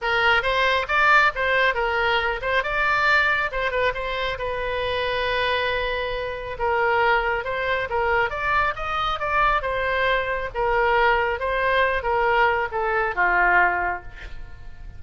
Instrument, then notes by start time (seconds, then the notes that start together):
oboe
0.01 A#4
0.42 C5
0.88 D5
1.35 C5
1.74 A#4
2.41 C5
2.63 D5
3.51 C5
3.71 B4
3.94 C5
4.38 B4
6.58 A#4
7.44 C5
7.89 A#4
8.30 D5
8.75 D#5
9.19 D5
9.62 C5
10.54 A#4
11.39 C5
12.02 A#4
12.71 A4
13.15 F4